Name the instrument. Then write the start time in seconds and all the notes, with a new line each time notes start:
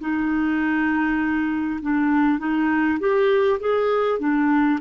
clarinet
0.00 D#4
1.82 D4
2.39 D#4
3.00 G4
3.61 G#4
4.19 D4